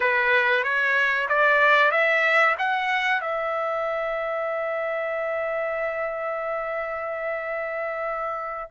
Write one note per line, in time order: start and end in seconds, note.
0.00 0.63 B4
0.63 1.28 C#5
1.28 1.91 D5
1.91 2.55 E5
2.58 3.21 F#5
3.21 8.69 E5